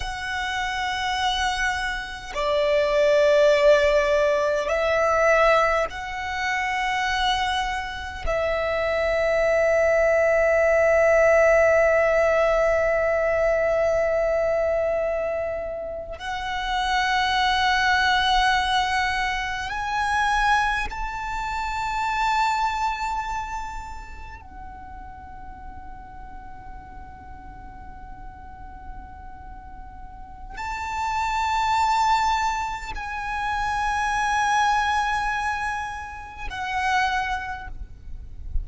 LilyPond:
\new Staff \with { instrumentName = "violin" } { \time 4/4 \tempo 4 = 51 fis''2 d''2 | e''4 fis''2 e''4~ | e''1~ | e''4.~ e''16 fis''2~ fis''16~ |
fis''8. gis''4 a''2~ a''16~ | a''8. fis''2.~ fis''16~ | fis''2 a''2 | gis''2. fis''4 | }